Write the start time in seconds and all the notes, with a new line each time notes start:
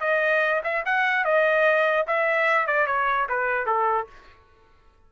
0.00 D#5
0.64 E5
0.86 F#5
1.25 D#5
2.07 E5
2.67 D5
2.87 C#5
3.29 B4
3.66 A4